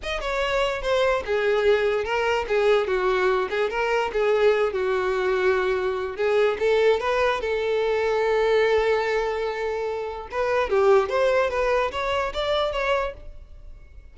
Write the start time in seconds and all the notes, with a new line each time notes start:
0.02 D#5
0.21 C#5
0.82 C5
1.25 G#4
2.04 A#4
2.48 G#4
2.87 F#4
3.50 G#4
3.69 A#4
4.12 G#4
4.72 F#4
6.16 G#4
6.59 A4
7.00 B4
7.40 A4
10.31 B4
10.69 G4
11.09 C5
11.50 B4
11.91 C#5
12.33 D5
12.72 C#5